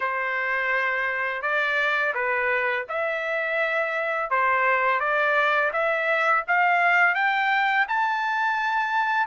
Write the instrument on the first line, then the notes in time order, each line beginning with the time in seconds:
trumpet
0.00 C5
1.42 D5
2.14 B4
2.89 E5
4.30 C5
4.99 D5
5.72 E5
6.47 F5
7.14 G5
7.88 A5